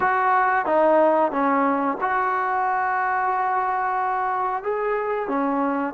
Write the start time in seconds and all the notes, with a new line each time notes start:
0.00 F#4
0.65 D#4
1.31 C#4
2.00 F#4
4.63 G#4
5.27 C#4